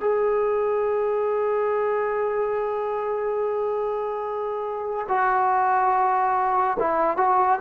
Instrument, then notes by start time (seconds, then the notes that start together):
trombone
0.00 G#4
5.09 F#4
6.80 E4
7.17 F#4